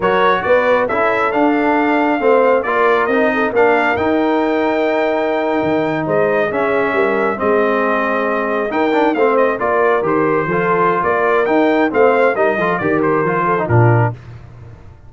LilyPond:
<<
  \new Staff \with { instrumentName = "trumpet" } { \time 4/4 \tempo 4 = 136 cis''4 d''4 e''4 f''4~ | f''2 d''4 dis''4 | f''4 g''2.~ | g''4.~ g''16 dis''4 e''4~ e''16~ |
e''8. dis''2. g''16~ | g''8. f''8 dis''8 d''4 c''4~ c''16~ | c''4 d''4 g''4 f''4 | dis''4 d''8 c''4. ais'4 | }
  \new Staff \with { instrumentName = "horn" } { \time 4/4 ais'4 b'4 a'2~ | a'4 c''4 ais'4. a'8 | ais'1~ | ais'4.~ ais'16 c''4 gis'4 ais'16~ |
ais'8. gis'2. ais'16~ | ais'8. c''4 ais'2 a'16~ | a'4 ais'2 c''4 | ais'8 a'8 ais'4. a'8 f'4 | }
  \new Staff \with { instrumentName = "trombone" } { \time 4/4 fis'2 e'4 d'4~ | d'4 c'4 f'4 dis'4 | d'4 dis'2.~ | dis'2~ dis'8. cis'4~ cis'16~ |
cis'8. c'2. dis'16~ | dis'16 d'8 c'4 f'4 g'4 f'16~ | f'2 dis'4 c'4 | dis'8 f'8 g'4 f'8. dis'16 d'4 | }
  \new Staff \with { instrumentName = "tuba" } { \time 4/4 fis4 b4 cis'4 d'4~ | d'4 a4 ais4 c'4 | ais4 dis'2.~ | dis'8. dis4 gis4 cis'4 g16~ |
g8. gis2. dis'16~ | dis'8. a4 ais4 dis4 f16~ | f4 ais4 dis'4 a4 | g8 f8 dis4 f4 ais,4 | }
>>